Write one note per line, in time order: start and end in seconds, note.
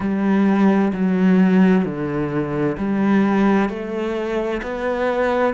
0.00 0.92 G3
0.93 1.84 F#3
1.84 2.77 D3
2.77 3.69 G3
3.69 4.61 A3
4.62 5.54 B3